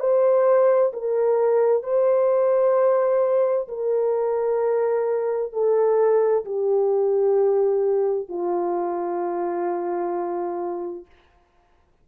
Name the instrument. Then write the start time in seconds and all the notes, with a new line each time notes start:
horn
0.00 C5
0.94 A#4
1.83 C5
3.69 A#4
5.53 A4
6.46 G4
8.29 F4